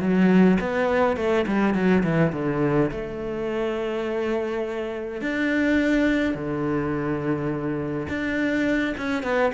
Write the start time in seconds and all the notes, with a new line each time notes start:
0.00 F#3
0.60 B3
1.16 A3
1.47 G3
1.74 F#3
2.03 E3
2.33 D3
2.91 A3
5.22 D4
6.35 D3
8.09 D4
8.98 C#4
9.23 B3